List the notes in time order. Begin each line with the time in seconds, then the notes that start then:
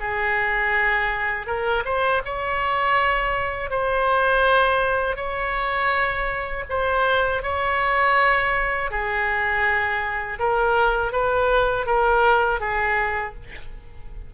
0.00 G#4
1.46 A#4
1.85 C5
2.25 C#5
3.70 C5
5.16 C#5
6.69 C5
7.43 C#5
8.90 G#4
10.39 A#4
11.12 B4
11.86 A#4
12.60 G#4